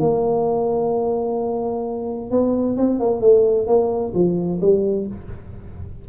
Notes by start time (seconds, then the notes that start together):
0.00 A#3
2.31 B3
2.77 C4
2.99 A#3
3.21 A3
3.67 A#3
4.14 F3
4.61 G3